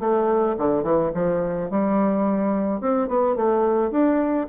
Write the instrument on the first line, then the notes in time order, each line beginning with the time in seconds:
bassoon
0.00 A3
0.58 D3
0.83 E3
1.14 F3
1.71 G3
2.81 C4
3.09 B3
3.36 A3
3.91 D4